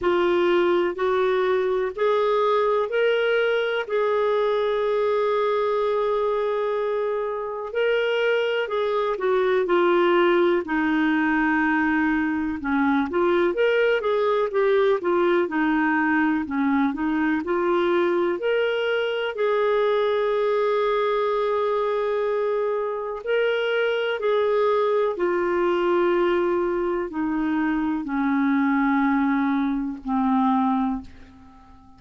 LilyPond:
\new Staff \with { instrumentName = "clarinet" } { \time 4/4 \tempo 4 = 62 f'4 fis'4 gis'4 ais'4 | gis'1 | ais'4 gis'8 fis'8 f'4 dis'4~ | dis'4 cis'8 f'8 ais'8 gis'8 g'8 f'8 |
dis'4 cis'8 dis'8 f'4 ais'4 | gis'1 | ais'4 gis'4 f'2 | dis'4 cis'2 c'4 | }